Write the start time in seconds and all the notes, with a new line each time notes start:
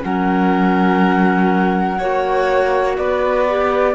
0.00 F#3 C#4 F#5
0.06 A#4
1.98 A#3 F#4 C#5
2.98 B3 B4 D5
3.49 G4